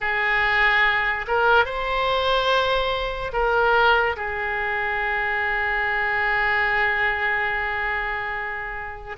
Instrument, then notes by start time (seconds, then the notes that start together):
oboe
0.00 G#4
1.27 A#4
1.65 C5
3.32 A#4
4.16 G#4